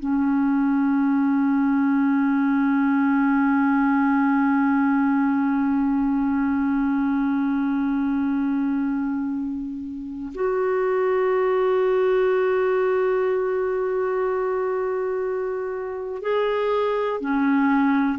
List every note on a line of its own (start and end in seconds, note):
0.00 10.33 C#4
10.35 16.23 F#4
16.23 17.21 G#4
17.21 18.19 C#4